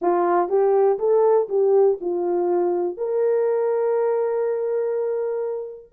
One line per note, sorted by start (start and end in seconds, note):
0.01 0.48 F4
0.48 0.98 G4
0.98 1.48 A4
1.48 1.98 G4
2.00 2.97 F4
2.97 5.92 A#4